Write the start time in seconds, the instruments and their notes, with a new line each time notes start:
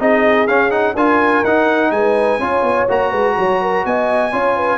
0.00 tuba C4, trombone D#4, horn G#4, trumpet D#5
0.48 tuba C#4, trombone C#4, trumpet F5
0.71 trombone D#4, trumpet F#5
0.95 tuba D4, trombone F4, horn A#4, trumpet G#5
1.44 tuba D#4, trombone D#4, trumpet F#5
1.91 tuba G#3, horn B4, trumpet G#5
2.39 tuba C#4, trombone F4, horn C#5
2.63 tuba B3
2.89 tuba A#3, trombone F#4, trumpet A#5
3.10 tuba G#3, horn B4
3.38 tuba F#3, horn C#5
3.62 horn A#4
3.85 tuba B3, horn D#5, trumpet G#5
4.32 tuba C#4, trombone F4, horn C#5
4.57 horn B4